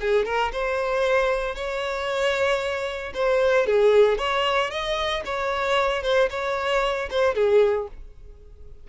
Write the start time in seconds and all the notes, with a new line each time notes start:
0.00 G#4
0.25 A#4
0.52 C5
1.55 C#5
3.14 C5
3.66 G#4
4.18 C#5
4.70 D#5
5.25 C#5
6.02 C5
6.30 C#5
7.10 C5
7.34 G#4